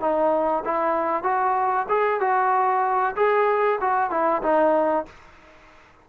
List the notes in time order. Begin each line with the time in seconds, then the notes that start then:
0.00 D#4
0.65 E4
1.23 F#4
1.89 G#4
2.20 F#4
3.16 G#4
3.80 F#4
4.10 E4
4.42 D#4